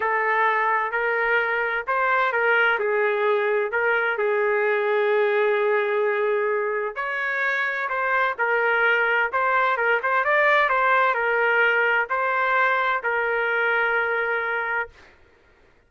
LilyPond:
\new Staff \with { instrumentName = "trumpet" } { \time 4/4 \tempo 4 = 129 a'2 ais'2 | c''4 ais'4 gis'2 | ais'4 gis'2.~ | gis'2. cis''4~ |
cis''4 c''4 ais'2 | c''4 ais'8 c''8 d''4 c''4 | ais'2 c''2 | ais'1 | }